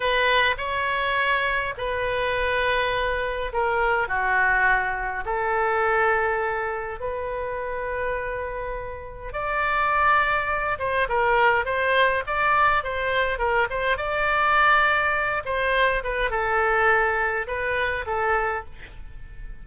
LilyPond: \new Staff \with { instrumentName = "oboe" } { \time 4/4 \tempo 4 = 103 b'4 cis''2 b'4~ | b'2 ais'4 fis'4~ | fis'4 a'2. | b'1 |
d''2~ d''8 c''8 ais'4 | c''4 d''4 c''4 ais'8 c''8 | d''2~ d''8 c''4 b'8 | a'2 b'4 a'4 | }